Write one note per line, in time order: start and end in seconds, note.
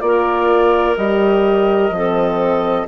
0.00 0.96 A#3
0.00 0.96 F4
0.00 0.95 D5
0.06 1.96 A#4
0.97 1.89 G3
0.97 1.93 G4
0.97 2.87 D#5
1.89 2.85 F3
1.89 2.88 C4
1.96 2.88 A4